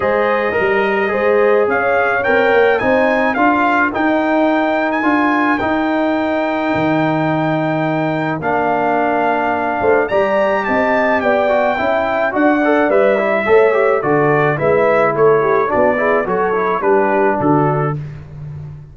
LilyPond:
<<
  \new Staff \with { instrumentName = "trumpet" } { \time 4/4 \tempo 4 = 107 dis''2. f''4 | g''4 gis''4 f''4 g''4~ | g''8. gis''4~ gis''16 g''2~ | g''2. f''4~ |
f''2 ais''4 a''4 | g''2 fis''4 e''4~ | e''4 d''4 e''4 cis''4 | d''4 cis''4 b'4 a'4 | }
  \new Staff \with { instrumentName = "horn" } { \time 4/4 c''4 ais'4 c''4 cis''4~ | cis''4 c''4 ais'2~ | ais'1~ | ais'1~ |
ais'4. c''8 d''4 dis''4 | d''4 e''4 d''2 | cis''4 a'4 b'4 a'8 g'8 | fis'8 gis'8 a'4 g'4 fis'4 | }
  \new Staff \with { instrumentName = "trombone" } { \time 4/4 gis'4 ais'4 gis'2 | ais'4 dis'4 f'4 dis'4~ | dis'4 f'4 dis'2~ | dis'2. d'4~ |
d'2 g'2~ | g'8 fis'8 e'4 fis'8 a'8 b'8 e'8 | a'8 g'8 fis'4 e'2 | d'8 e'8 fis'8 e'8 d'2 | }
  \new Staff \with { instrumentName = "tuba" } { \time 4/4 gis4 g4 gis4 cis'4 | c'8 ais8 c'4 d'4 dis'4~ | dis'4 d'4 dis'2 | dis2. ais4~ |
ais4. a8 g4 c'4 | b4 cis'4 d'4 g4 | a4 d4 gis4 a4 | b4 fis4 g4 d4 | }
>>